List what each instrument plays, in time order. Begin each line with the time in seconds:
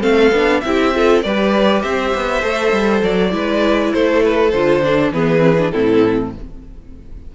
0.00 cello A3, viola C4, violin A4 F5
0.31 cello B3, viola D4
0.60 cello C4, viola E4, violin G4 E5
0.94 viola F4, violin A4
1.23 cello G3, viola G4, violin B4 D5
1.82 cello C4, violin C5 E5
2.14 cello B3
2.42 cello A3, viola A4
2.72 cello G3
3.03 cello F#3, violin D5
3.30 cello G#3, viola E4, violin B4
3.93 cello A3, violin A4 C5
4.23 violin B4
4.51 cello D3, viola F4, violin C5
4.83 viola D4
5.12 cello E3, viola B3, violin G#4 B4
5.39 viola C4
5.58 viola D4
5.71 cello A2, viola C4, violin E4 A4